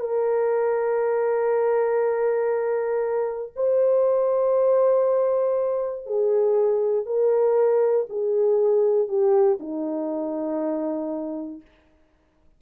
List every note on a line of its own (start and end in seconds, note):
0.00 3.53 A#4
3.56 6.06 C5
6.06 7.06 G#4
7.06 8.07 A#4
8.09 9.08 G#4
9.08 9.59 G4
9.60 11.61 D#4